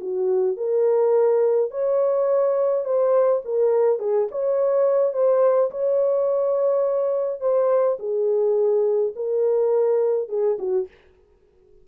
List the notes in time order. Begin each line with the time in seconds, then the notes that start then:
0.00 F#4
0.56 A#4
1.70 C#5
2.84 C5
3.44 A#4
3.99 G#4
4.31 C#5
5.13 C5
5.71 C#5
7.40 C5
7.99 G#4
9.15 A#4
10.29 G#4
10.59 F#4